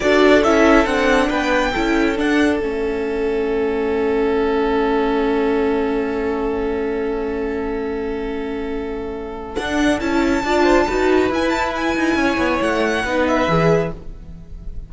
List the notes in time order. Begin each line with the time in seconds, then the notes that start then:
0.00 D4 F#4 A4 D5
0.43 C#4 E4 E5
0.85 C4 D4 F#5
1.27 B3 B4 G5
1.72 C#4 E4 A4
2.16 D4 F#5
2.60 A3 C#4 E5
9.56 D4 F#5
9.99 C#4 E4 A5
10.43 D4 F4 D5
10.63 C5
10.86 D#4 F#4 B4
11.30 E4 G#5
11.49 A5
11.75 G#5
11.96 D#4
12.15 C#4 C#5
12.37 B3
12.61 A3 F#5
13.03 B3 D#4 B4
13.27 E5
13.47 E3 G#4